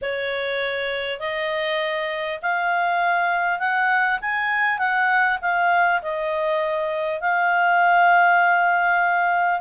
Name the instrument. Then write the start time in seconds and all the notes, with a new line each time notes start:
clarinet
0.01 C#5
1.19 D#5
2.42 F5
3.59 F#5
4.21 G#5
4.78 F#5
5.41 F5
6.02 D#5
7.21 F5